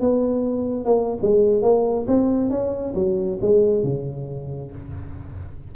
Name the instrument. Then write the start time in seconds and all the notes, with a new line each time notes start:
tuba
0.00 B3
0.85 A#3
1.22 G#3
1.62 A#3
2.07 C4
2.50 C#4
2.95 F#3
3.41 G#3
3.83 C#3